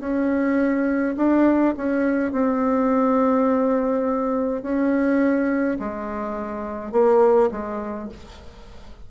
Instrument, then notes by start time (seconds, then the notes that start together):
bassoon
0.00 C#4
1.16 D4
1.77 C#4
2.32 C4
4.63 C#4
5.80 G#3
6.92 A#3
7.51 G#3